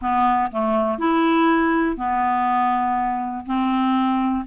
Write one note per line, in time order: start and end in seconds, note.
0.01 0.51 B3
0.51 0.98 A3
0.98 1.96 E4
1.96 3.45 B3
3.46 4.45 C4